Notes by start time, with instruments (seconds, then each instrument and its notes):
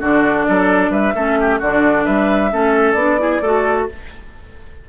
0.00 bassoon D3, clarinet D4, oboe F#4, flute D5
0.48 bassoon F#3, oboe A4
0.90 bassoon G3, oboe B4, flute E5
1.15 bassoon A3, clarinet C#4, oboe A4
1.40 oboe G4
1.59 bassoon D3, clarinet D4, oboe F#4, flute D5
2.05 bassoon G3, oboe B4, flute E5
2.51 bassoon A3, clarinet C#4, oboe A4
2.93 bassoon B3, clarinet D4, flute D5
3.18 clarinet E4, oboe G#4
3.41 bassoon A3, clarinet F#4, oboe A4